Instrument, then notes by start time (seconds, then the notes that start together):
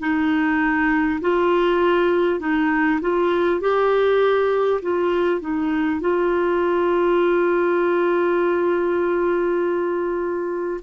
clarinet
0.00 D#4
1.22 F4
2.40 D#4
3.01 F4
3.61 G4
4.82 F4
5.41 D#4
6.01 F4